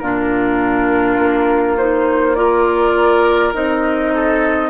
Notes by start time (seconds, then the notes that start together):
0.00 A#2 D4 F4 A#4
1.19 A#3
1.78 D#4 C5
2.36 F4 A#4 D5
3.53 C4 D#4 D#5
4.15 A4